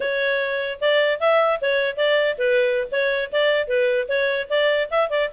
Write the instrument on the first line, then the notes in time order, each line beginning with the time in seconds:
clarinet
0.00 C#5
0.81 D5
1.20 E5
1.61 C#5
1.96 D5
2.38 B4
2.91 C#5
3.32 D5
3.67 B4
4.08 C#5
4.49 D5
4.90 E5
5.09 D5